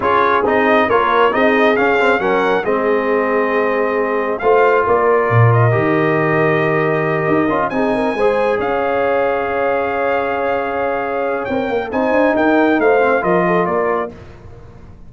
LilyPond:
<<
  \new Staff \with { instrumentName = "trumpet" } { \time 4/4 \tempo 4 = 136 cis''4 dis''4 cis''4 dis''4 | f''4 fis''4 dis''2~ | dis''2 f''4 d''4~ | d''8 dis''2.~ dis''8~ |
dis''4. gis''2 f''8~ | f''1~ | f''2 g''4 gis''4 | g''4 f''4 dis''4 d''4 | }
  \new Staff \with { instrumentName = "horn" } { \time 4/4 gis'2 ais'4 gis'4~ | gis'4 ais'4 gis'2~ | gis'2 c''4 ais'4~ | ais'1~ |
ais'4. gis'8 ais'8 c''4 cis''8~ | cis''1~ | cis''2. c''4 | ais'4 c''4 ais'8 a'8 ais'4 | }
  \new Staff \with { instrumentName = "trombone" } { \time 4/4 f'4 dis'4 f'4 dis'4 | cis'8 c'8 cis'4 c'2~ | c'2 f'2~ | f'4 g'2.~ |
g'4 f'8 dis'4 gis'4.~ | gis'1~ | gis'2 ais'4 dis'4~ | dis'4. c'8 f'2 | }
  \new Staff \with { instrumentName = "tuba" } { \time 4/4 cis'4 c'4 ais4 c'4 | cis'4 fis4 gis2~ | gis2 a4 ais4 | ais,4 dis2.~ |
dis8 dis'8 cis'8 c'4 gis4 cis'8~ | cis'1~ | cis'2 c'8 ais8 c'8 d'8 | dis'4 a4 f4 ais4 | }
>>